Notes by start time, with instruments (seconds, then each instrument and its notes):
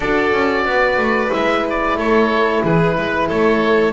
0.00 double bass D4, horn F#4, violin A4, oboe D5
0.32 double bass C#4
0.65 double bass B3, violin B4
0.97 double bass A3
1.30 double bass G#3, horn E4, oboe E5
1.70 oboe D5
1.95 double bass A3, violin A4, oboe C#5
2.63 double bass E3, violin G#4, oboe B4
2.97 double bass G#3, violin B4
3.28 double bass A3, violin A4, oboe C#5